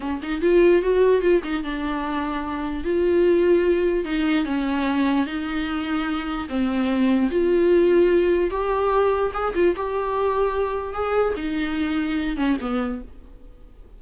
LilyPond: \new Staff \with { instrumentName = "viola" } { \time 4/4 \tempo 4 = 148 cis'8 dis'8 f'4 fis'4 f'8 dis'8 | d'2. f'4~ | f'2 dis'4 cis'4~ | cis'4 dis'2. |
c'2 f'2~ | f'4 g'2 gis'8 f'8 | g'2. gis'4 | dis'2~ dis'8 cis'8 b4 | }